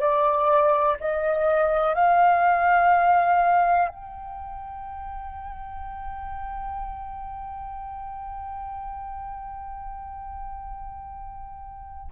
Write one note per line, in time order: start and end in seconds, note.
0.00 0.97 D5
1.00 1.95 D#5
1.95 3.88 F5
3.88 12.11 G5